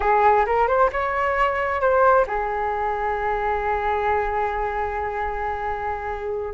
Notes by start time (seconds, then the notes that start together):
0.00 G#4
0.46 A#4
0.67 C5
0.92 C#5
1.80 C5
2.27 G#4